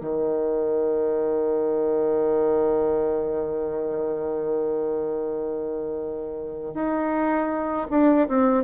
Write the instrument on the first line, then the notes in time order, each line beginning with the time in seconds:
bassoon
0.00 D#3
6.74 D#4
7.90 D4
8.28 C4